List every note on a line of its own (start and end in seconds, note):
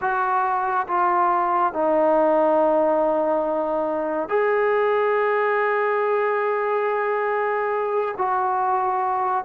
0.01 0.86 F#4
0.87 1.73 F4
1.73 4.29 D#4
4.29 8.14 G#4
8.17 9.44 F#4